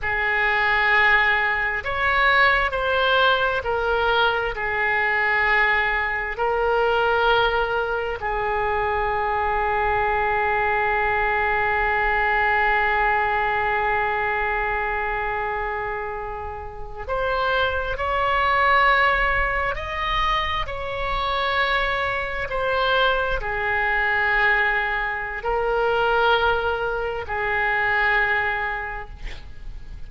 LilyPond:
\new Staff \with { instrumentName = "oboe" } { \time 4/4 \tempo 4 = 66 gis'2 cis''4 c''4 | ais'4 gis'2 ais'4~ | ais'4 gis'2.~ | gis'1~ |
gis'2~ gis'8. c''4 cis''16~ | cis''4.~ cis''16 dis''4 cis''4~ cis''16~ | cis''8. c''4 gis'2~ gis'16 | ais'2 gis'2 | }